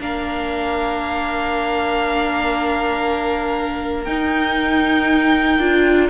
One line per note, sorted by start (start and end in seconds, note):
0.00 4.07 A#3
0.00 4.07 D4
0.00 6.10 A#4
0.00 4.04 F5
4.04 5.59 D#4
4.04 5.60 D#4
4.04 6.08 G5
5.59 6.10 D4
5.59 6.10 F4